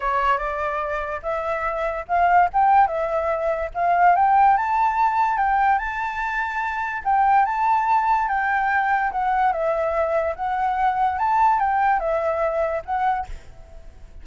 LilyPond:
\new Staff \with { instrumentName = "flute" } { \time 4/4 \tempo 4 = 145 cis''4 d''2 e''4~ | e''4 f''4 g''4 e''4~ | e''4 f''4 g''4 a''4~ | a''4 g''4 a''2~ |
a''4 g''4 a''2 | g''2 fis''4 e''4~ | e''4 fis''2 a''4 | g''4 e''2 fis''4 | }